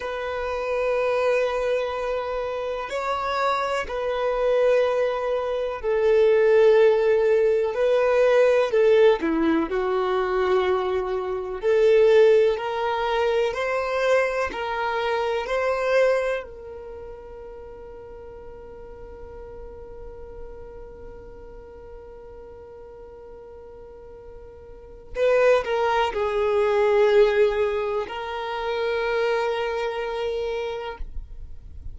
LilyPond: \new Staff \with { instrumentName = "violin" } { \time 4/4 \tempo 4 = 62 b'2. cis''4 | b'2 a'2 | b'4 a'8 e'8 fis'2 | a'4 ais'4 c''4 ais'4 |
c''4 ais'2.~ | ais'1~ | ais'2 b'8 ais'8 gis'4~ | gis'4 ais'2. | }